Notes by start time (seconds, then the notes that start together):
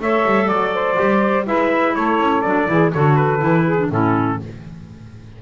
0.00 A3 A4 C#5 E5
0.25 G3
0.46 F#3 D5
0.74 C5
0.95 G3 G4
1.45 G#3 E4 B4 E5
1.95 A3 A4 C#5
2.20 C#4
2.41 F#3 D4 D5
2.66 E3 E4 G#4
2.92 D3 F#4 A4 C#5
3.16 B4
3.39 E3 E4
3.65 G#4
3.78 D4
3.90 A2 C#4 E4 A4